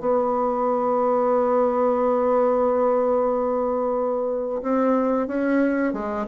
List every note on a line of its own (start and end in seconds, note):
0.00 4.62 B3
4.62 5.27 C4
5.27 5.93 C#4
5.93 6.26 G#3